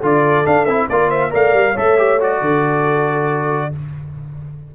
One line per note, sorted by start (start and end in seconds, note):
0.00 0.46 D3
0.00 0.45 F4
0.00 0.87 A4
0.00 0.46 D5
0.45 0.66 D4
0.45 0.65 F5
0.65 0.88 C4
0.65 0.90 E4
0.65 0.87 E5
0.89 1.32 A#3
0.89 1.30 F4
0.89 1.08 A#4
0.89 1.10 D5
1.08 1.30 C5
1.08 1.31 E5
1.30 1.53 A3
1.30 1.73 A#4
1.30 1.72 D5
1.30 1.77 F5
1.53 1.75 G3
1.72 2.41 A3
1.72 1.97 A4
1.72 2.37 C#5
1.72 2.21 E5
1.97 2.19 G4
2.20 3.72 F#4
2.20 3.75 D5
2.40 3.72 D3
2.40 3.71 A4